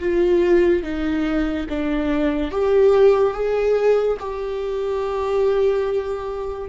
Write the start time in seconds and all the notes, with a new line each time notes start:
0.00 F4
0.83 D#4
1.70 D4
2.52 G4
3.34 G#4
4.20 G4